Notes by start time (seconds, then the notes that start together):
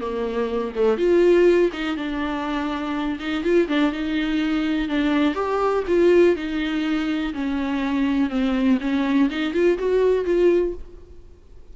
0.00 A#3
0.75 A3
0.97 F4
1.72 D#4
1.96 D4
3.19 D#4
3.43 F4
3.68 D4
3.92 D#4
4.88 D4
5.34 G4
5.87 F4
6.35 D#4
7.34 C#4
8.30 C4
8.80 C#4
9.29 D#4
9.53 F4
9.78 F#4
10.25 F4